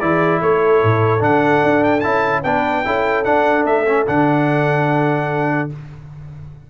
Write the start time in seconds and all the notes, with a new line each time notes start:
0.00 E3 E4 G#4 D5
0.39 A3 A4 C#5
0.83 A2
1.19 D3 D4 F#5
1.63 D4
1.83 G5
2.00 C#4 E4 A5
2.42 B3 D4 B4 G5
2.84 C#4 E4 A4
3.24 D4 F#5
3.65 A3 E5
3.86 C#4
4.07 D3 D4 F#5